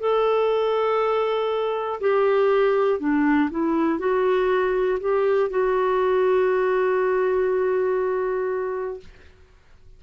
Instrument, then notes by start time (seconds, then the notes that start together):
clarinet
0.00 A4
2.00 G4
3.00 D4
3.50 E4
3.99 F#4
5.00 G4
5.50 F#4